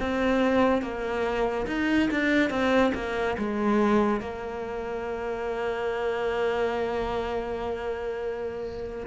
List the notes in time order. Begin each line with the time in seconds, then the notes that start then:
0.00 C4
0.83 A#3
1.67 D#4
2.11 D4
2.50 C4
2.95 A#3
3.38 G#3
4.21 A#3